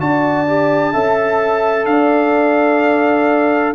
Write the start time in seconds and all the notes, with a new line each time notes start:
0.00 D4 F#4 D5 A5
0.47 G4
0.94 C#4 A4 E5
1.86 D4 D5 F5